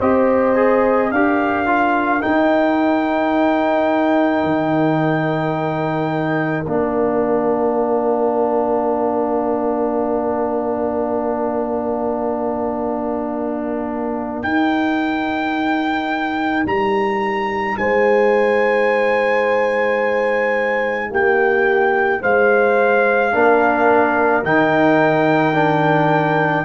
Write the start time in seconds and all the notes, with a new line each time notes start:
0.00 C4 G4 C5 D#5
0.56 G#4
1.12 D4 G4 A#4 F5
1.67 F4
2.21 D#4 G5
4.44 D#3
6.66 A#3 D4 F5
14.43 D#4 G5
16.66 G3 A#5
17.78 G#3 C5 G#5
21.11 A#3 G4 G5
22.22 G#3 C5 F5
23.32 A#3 D4 A#4
24.44 D#3 D#4 G5
25.54 D4